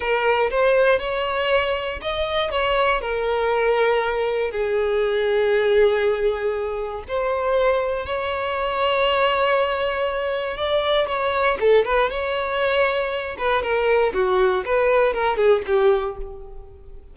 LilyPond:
\new Staff \with { instrumentName = "violin" } { \time 4/4 \tempo 4 = 119 ais'4 c''4 cis''2 | dis''4 cis''4 ais'2~ | ais'4 gis'2.~ | gis'2 c''2 |
cis''1~ | cis''4 d''4 cis''4 a'8 b'8 | cis''2~ cis''8 b'8 ais'4 | fis'4 b'4 ais'8 gis'8 g'4 | }